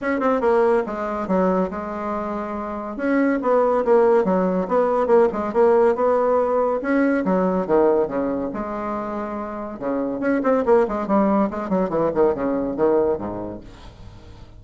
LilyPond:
\new Staff \with { instrumentName = "bassoon" } { \time 4/4 \tempo 4 = 141 cis'8 c'8 ais4 gis4 fis4 | gis2. cis'4 | b4 ais4 fis4 b4 | ais8 gis8 ais4 b2 |
cis'4 fis4 dis4 cis4 | gis2. cis4 | cis'8 c'8 ais8 gis8 g4 gis8 fis8 | e8 dis8 cis4 dis4 gis,4 | }